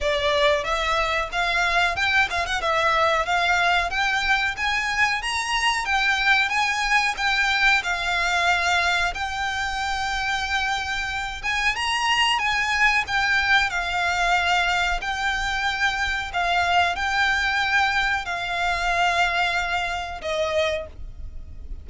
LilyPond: \new Staff \with { instrumentName = "violin" } { \time 4/4 \tempo 4 = 92 d''4 e''4 f''4 g''8 f''16 fis''16 | e''4 f''4 g''4 gis''4 | ais''4 g''4 gis''4 g''4 | f''2 g''2~ |
g''4. gis''8 ais''4 gis''4 | g''4 f''2 g''4~ | g''4 f''4 g''2 | f''2. dis''4 | }